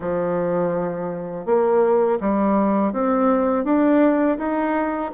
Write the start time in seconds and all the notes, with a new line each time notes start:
0.00 F3
1.45 A#3
2.20 G3
2.92 C4
3.64 D4
4.38 D#4